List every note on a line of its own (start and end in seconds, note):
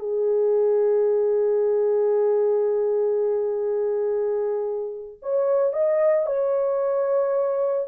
0.00 5.18 G#4
5.22 5.73 C#5
5.73 6.27 D#5
6.27 7.88 C#5